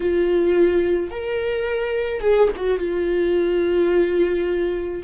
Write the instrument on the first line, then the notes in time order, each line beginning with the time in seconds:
viola
0.00 F4
1.11 A#4
2.20 G#4
2.56 F#4
2.78 F4